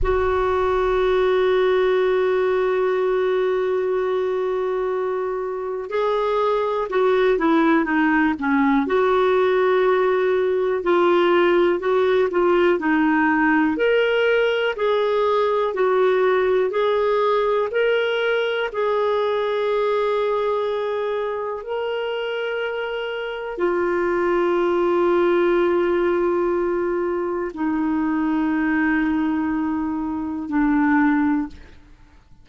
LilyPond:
\new Staff \with { instrumentName = "clarinet" } { \time 4/4 \tempo 4 = 61 fis'1~ | fis'2 gis'4 fis'8 e'8 | dis'8 cis'8 fis'2 f'4 | fis'8 f'8 dis'4 ais'4 gis'4 |
fis'4 gis'4 ais'4 gis'4~ | gis'2 ais'2 | f'1 | dis'2. d'4 | }